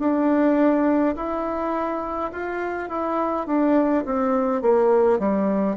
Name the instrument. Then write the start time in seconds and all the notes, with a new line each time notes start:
bassoon
0.00 D4
1.16 E4
2.33 F4
2.89 E4
3.47 D4
4.06 C4
4.62 A#3
5.19 G3